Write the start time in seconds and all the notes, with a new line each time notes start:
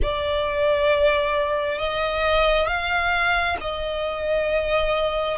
0.02 D5
1.78 D#5
2.67 F5
3.61 D#5